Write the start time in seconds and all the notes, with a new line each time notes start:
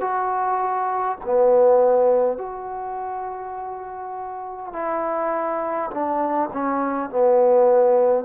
0.00 F#4
1.25 B3
2.37 F#4
4.73 E4
5.90 D4
6.52 C#4
7.10 B3